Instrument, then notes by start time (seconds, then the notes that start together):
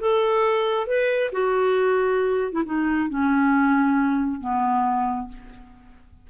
clarinet
0.00 A4
0.87 B4
1.32 F#4
2.52 E4
2.66 D#4
3.09 C#4
4.40 B3